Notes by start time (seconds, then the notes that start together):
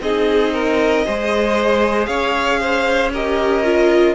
0.00 C4 D#4 G#4 D#5
0.53 A#4
1.05 G#3 G#4 C5
2.06 C#4 C#5 F5
2.59 C5
3.12 G4 A#4 D#5
3.64 F4